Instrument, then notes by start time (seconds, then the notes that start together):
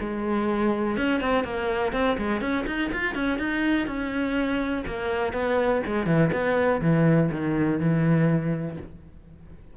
cello
0.00 G#3
0.97 C#4
1.20 C4
1.44 A#3
1.92 C4
2.18 G#3
2.41 C#4
2.66 D#4
2.92 F4
3.14 C#4
3.38 D#4
3.86 C#4
4.86 A#3
5.33 B3
5.86 G#3
6.06 E3
6.32 B3
6.81 E3
7.31 D#3
7.79 E3